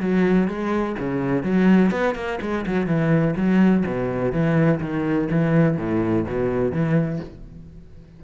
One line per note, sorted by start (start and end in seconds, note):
0.00 0.48 F#3
0.48 0.96 G#3
0.99 1.43 C#3
1.43 1.90 F#3
1.90 2.14 B3
2.15 2.39 A#3
2.41 2.65 G#3
2.66 2.86 F#3
2.86 3.34 E3
3.36 3.84 F#3
3.86 4.32 B2
4.32 4.80 E3
4.80 5.28 D#3
5.31 5.77 E3
5.77 6.25 A2
6.27 6.72 B2
6.72 7.20 E3